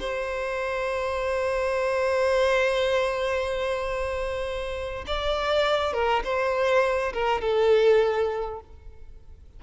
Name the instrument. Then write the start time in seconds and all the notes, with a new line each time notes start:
violin
0.00 C5
5.07 D5
5.93 A#4
6.24 C5
7.13 A#4
7.41 A4